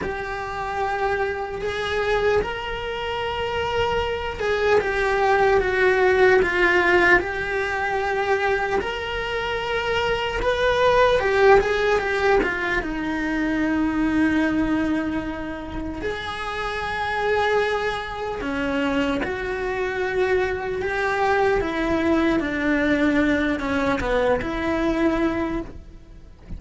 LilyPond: \new Staff \with { instrumentName = "cello" } { \time 4/4 \tempo 4 = 75 g'2 gis'4 ais'4~ | ais'4. gis'8 g'4 fis'4 | f'4 g'2 ais'4~ | ais'4 b'4 g'8 gis'8 g'8 f'8 |
dis'1 | gis'2. cis'4 | fis'2 g'4 e'4 | d'4. cis'8 b8 e'4. | }